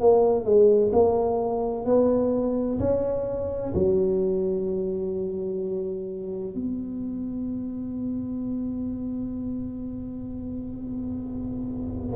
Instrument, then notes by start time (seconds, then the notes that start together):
tuba
0.00 A#3
0.44 G#3
0.92 A#3
1.85 B3
2.79 C#4
3.74 F#3
6.54 B3